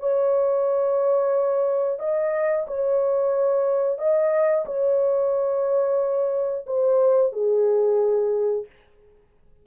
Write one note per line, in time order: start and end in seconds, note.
0.00 2.00 C#5
2.00 2.66 D#5
2.68 3.99 C#5
3.99 4.65 D#5
4.66 6.66 C#5
6.67 7.33 C5
7.33 8.66 G#4